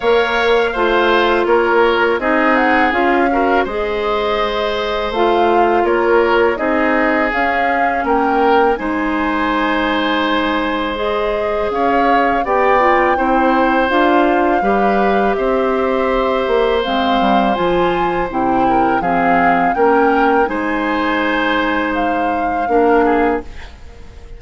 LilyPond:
<<
  \new Staff \with { instrumentName = "flute" } { \time 4/4 \tempo 4 = 82 f''2 cis''4 dis''8 fis''8 | f''4 dis''2 f''4 | cis''4 dis''4 f''4 g''4 | gis''2. dis''4 |
f''4 g''2 f''4~ | f''4 e''2 f''4 | gis''4 g''4 f''4 g''4 | gis''2 f''2 | }
  \new Staff \with { instrumentName = "oboe" } { \time 4/4 cis''4 c''4 ais'4 gis'4~ | gis'8 ais'8 c''2. | ais'4 gis'2 ais'4 | c''1 |
cis''4 d''4 c''2 | b'4 c''2.~ | c''4. ais'8 gis'4 ais'4 | c''2. ais'8 gis'8 | }
  \new Staff \with { instrumentName = "clarinet" } { \time 4/4 ais'4 f'2 dis'4 | f'8 fis'8 gis'2 f'4~ | f'4 dis'4 cis'2 | dis'2. gis'4~ |
gis'4 g'8 f'8 e'4 f'4 | g'2. c'4 | f'4 e'4 c'4 cis'4 | dis'2. d'4 | }
  \new Staff \with { instrumentName = "bassoon" } { \time 4/4 ais4 a4 ais4 c'4 | cis'4 gis2 a4 | ais4 c'4 cis'4 ais4 | gis1 |
cis'4 b4 c'4 d'4 | g4 c'4. ais8 gis8 g8 | f4 c4 f4 ais4 | gis2. ais4 | }
>>